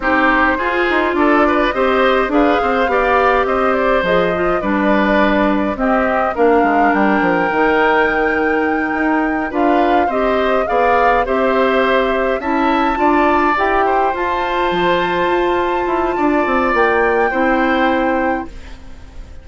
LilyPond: <<
  \new Staff \with { instrumentName = "flute" } { \time 4/4 \tempo 4 = 104 c''2 d''4 dis''4 | f''2 dis''8 d''8 dis''4 | d''2 dis''4 f''4 | g''1~ |
g''8 f''4 dis''4 f''4 e''8~ | e''4. a''2 g''8~ | g''8 a''2.~ a''8~ | a''4 g''2. | }
  \new Staff \with { instrumentName = "oboe" } { \time 4/4 g'4 gis'4 a'8 b'8 c''4 | b'8 c''8 d''4 c''2 | b'2 g'4 ais'4~ | ais'1~ |
ais'8 b'4 c''4 d''4 c''8~ | c''4. e''4 d''4. | c''1 | d''2 c''2 | }
  \new Staff \with { instrumentName = "clarinet" } { \time 4/4 dis'4 f'2 g'4 | gis'4 g'2 gis'8 f'8 | d'2 c'4 d'4~ | d'4 dis'2.~ |
dis'8 f'4 g'4 gis'4 g'8~ | g'4. e'4 f'4 g'8~ | g'8 f'2.~ f'8~ | f'2 e'2 | }
  \new Staff \with { instrumentName = "bassoon" } { \time 4/4 c'4 f'8 dis'8 d'4 c'4 | d'8 c'8 b4 c'4 f4 | g2 c'4 ais8 gis8 | g8 f8 dis2~ dis8 dis'8~ |
dis'8 d'4 c'4 b4 c'8~ | c'4. cis'4 d'4 e'8~ | e'8 f'4 f4 f'4 e'8 | d'8 c'8 ais4 c'2 | }
>>